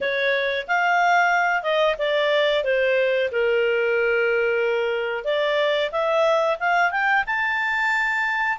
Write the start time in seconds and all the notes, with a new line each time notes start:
0.00 C#5
0.67 F5
1.62 D#5
1.98 D5
2.64 C5
3.31 A#4
5.24 D5
5.91 E5
6.59 F5
6.91 G5
7.26 A5